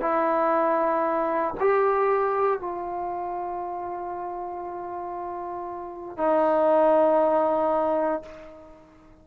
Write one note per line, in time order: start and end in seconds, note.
0.00 1.54 E4
1.60 2.60 G4
2.60 6.17 F4
6.17 8.22 D#4